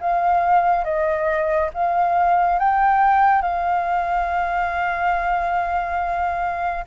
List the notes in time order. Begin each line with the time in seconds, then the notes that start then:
0.00 F5
0.84 D#5
1.74 F5
2.59 G5
3.42 F5